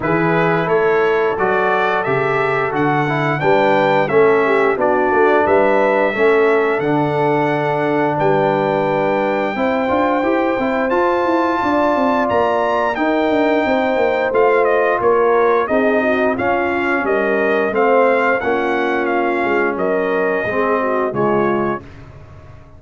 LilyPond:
<<
  \new Staff \with { instrumentName = "trumpet" } { \time 4/4 \tempo 4 = 88 b'4 cis''4 d''4 e''4 | fis''4 g''4 e''4 d''4 | e''2 fis''2 | g''1 |
a''2 ais''4 g''4~ | g''4 f''8 dis''8 cis''4 dis''4 | f''4 dis''4 f''4 fis''4 | f''4 dis''2 cis''4 | }
  \new Staff \with { instrumentName = "horn" } { \time 4/4 gis'4 a'2.~ | a'4 b'4 a'8 g'8 fis'4 | b'4 a'2. | b'2 c''2~ |
c''4 d''2 ais'4 | c''2 ais'4 gis'8 fis'8 | f'4 ais'4 c''4 f'4~ | f'4 ais'4 gis'8 fis'8 f'4 | }
  \new Staff \with { instrumentName = "trombone" } { \time 4/4 e'2 fis'4 g'4 | fis'8 e'8 d'4 cis'4 d'4~ | d'4 cis'4 d'2~ | d'2 e'8 f'8 g'8 e'8 |
f'2. dis'4~ | dis'4 f'2 dis'4 | cis'2 c'4 cis'4~ | cis'2 c'4 gis4 | }
  \new Staff \with { instrumentName = "tuba" } { \time 4/4 e4 a4 fis4 cis4 | d4 g4 a4 b8 a8 | g4 a4 d2 | g2 c'8 d'8 e'8 c'8 |
f'8 e'8 d'8 c'8 ais4 dis'8 d'8 | c'8 ais8 a4 ais4 c'4 | cis'4 g4 a4 ais4~ | ais8 gis8 fis4 gis4 cis4 | }
>>